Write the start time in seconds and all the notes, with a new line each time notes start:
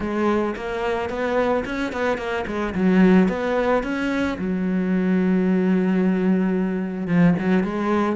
0.00 G#3
0.56 A#3
1.09 B3
1.65 C#4
1.92 B3
2.17 A#3
2.46 G#3
2.74 F#3
3.28 B3
3.83 C#4
4.38 F#3
7.07 F3
7.39 F#3
7.63 G#3